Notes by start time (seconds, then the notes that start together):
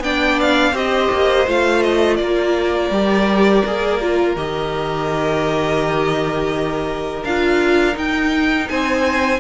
0.00 B3 D4 D5 G5
0.41 F5
0.72 C4 G4 C5 D#5
1.11 A#3
1.48 A3 F4 F5
1.83 D#5
2.16 A#3 A#4 D5
2.90 G3 G4
3.66 A#3 G#4
4.02 F4
4.36 D#3 G4 D#5
7.24 D4 F4 F5
7.94 D#4 G5
8.69 C4 C5 G#5